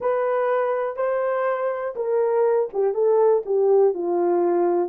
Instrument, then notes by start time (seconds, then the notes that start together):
horn
0.00 B4
0.96 C5
1.95 A#4
2.73 G4
2.94 A4
3.45 G4
3.93 F4